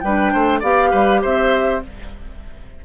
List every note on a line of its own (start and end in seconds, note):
0.00 0.33 G3
0.00 0.32 B4
0.00 0.60 G5
0.07 0.62 D4
0.32 0.62 A3
0.32 0.60 C5
0.60 0.92 B3
0.60 1.82 G4
0.60 0.90 D5
0.60 1.23 F5
0.91 1.23 G3
0.91 1.21 B4
1.21 1.85 C4
1.21 1.81 C5
1.21 1.83 E5